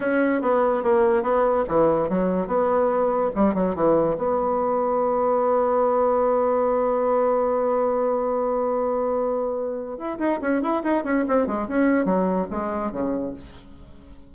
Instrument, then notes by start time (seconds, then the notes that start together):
bassoon
0.00 C#4
0.41 B3
0.83 A#3
1.23 B3
1.68 E3
2.09 F#3
2.47 B3
3.35 G3
3.54 F#3
3.75 E3
4.17 B3
9.97 E4
10.18 D#4
10.41 C#4
10.62 E4
10.83 D#4
11.04 C#4
11.28 C4
11.46 G#3
11.68 C#4
12.05 F#3
12.50 G#3
12.91 C#3